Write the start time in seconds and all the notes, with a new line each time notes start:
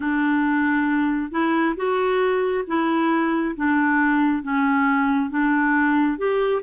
0.00 D4
1.31 E4
1.76 F#4
2.67 E4
3.55 D4
4.42 C#4
5.29 D4
6.18 G4